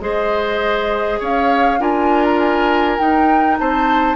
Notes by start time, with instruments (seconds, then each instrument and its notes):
0.00 bassoon G#3, clarinet G#4, oboe C5, flute D#5
1.20 bassoon C#4, oboe C#5, flute F5
1.79 bassoon D4, clarinet F4, oboe A#4, flute G#5
2.24 flute A#5
2.39 flute G#5
2.98 clarinet D#4, bassoon D#4, flute G5
3.59 bassoon C4, oboe C5, flute A5